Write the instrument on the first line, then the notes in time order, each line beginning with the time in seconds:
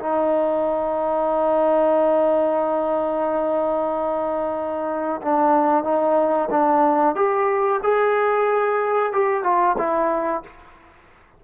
trombone
0.00 D#4
5.23 D4
5.84 D#4
6.51 D4
7.16 G4
7.83 G#4
9.13 G4
9.44 F4
9.78 E4